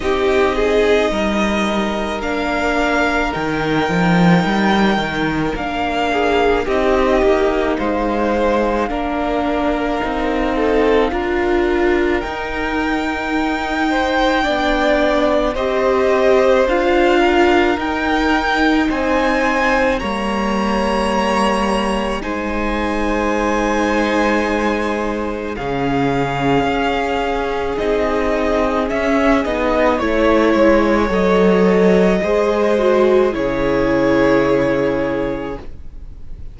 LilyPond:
<<
  \new Staff \with { instrumentName = "violin" } { \time 4/4 \tempo 4 = 54 dis''2 f''4 g''4~ | g''4 f''4 dis''4 f''4~ | f''2. g''4~ | g''2 dis''4 f''4 |
g''4 gis''4 ais''2 | gis''2. f''4~ | f''4 dis''4 e''8 dis''8 cis''4 | dis''2 cis''2 | }
  \new Staff \with { instrumentName = "violin" } { \time 4/4 g'8 gis'8 ais'2.~ | ais'4. gis'8 g'4 c''4 | ais'4. a'8 ais'2~ | ais'8 c''8 d''4 c''4. ais'8~ |
ais'4 c''4 cis''2 | c''2. gis'4~ | gis'2. cis''4~ | cis''4 c''4 gis'2 | }
  \new Staff \with { instrumentName = "viola" } { \time 4/4 dis'2 d'4 dis'4~ | dis'4 d'4 dis'2 | d'4 dis'4 f'4 dis'4~ | dis'4 d'4 g'4 f'4 |
dis'2 ais2 | dis'2. cis'4~ | cis'4 dis'4 cis'8 dis'8 e'4 | a'4 gis'8 fis'8 e'2 | }
  \new Staff \with { instrumentName = "cello" } { \time 4/4 c'4 g4 ais4 dis8 f8 | g8 dis8 ais4 c'8 ais8 gis4 | ais4 c'4 d'4 dis'4~ | dis'4 b4 c'4 d'4 |
dis'4 c'4 g2 | gis2. cis4 | cis'4 c'4 cis'8 b8 a8 gis8 | fis4 gis4 cis2 | }
>>